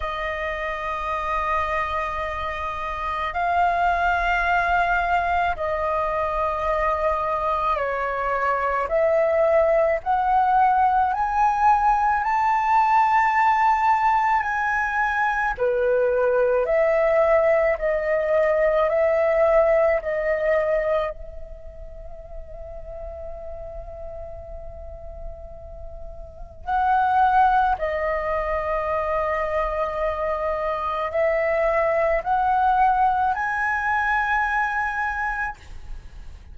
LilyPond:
\new Staff \with { instrumentName = "flute" } { \time 4/4 \tempo 4 = 54 dis''2. f''4~ | f''4 dis''2 cis''4 | e''4 fis''4 gis''4 a''4~ | a''4 gis''4 b'4 e''4 |
dis''4 e''4 dis''4 e''4~ | e''1 | fis''4 dis''2. | e''4 fis''4 gis''2 | }